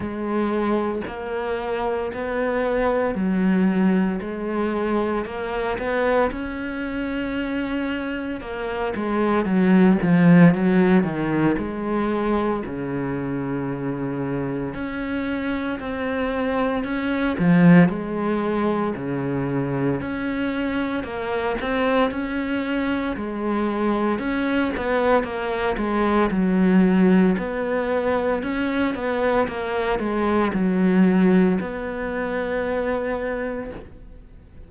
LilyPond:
\new Staff \with { instrumentName = "cello" } { \time 4/4 \tempo 4 = 57 gis4 ais4 b4 fis4 | gis4 ais8 b8 cis'2 | ais8 gis8 fis8 f8 fis8 dis8 gis4 | cis2 cis'4 c'4 |
cis'8 f8 gis4 cis4 cis'4 | ais8 c'8 cis'4 gis4 cis'8 b8 | ais8 gis8 fis4 b4 cis'8 b8 | ais8 gis8 fis4 b2 | }